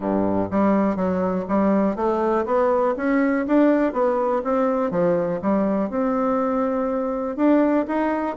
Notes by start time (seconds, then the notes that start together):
0.00 G2
0.50 G3
0.96 F#3
1.48 G3
1.96 A3
2.45 B3
2.96 C#4
3.47 D4
3.93 B3
4.44 C4
4.90 F3
5.42 G3
5.90 C4
7.36 D4
7.87 D#4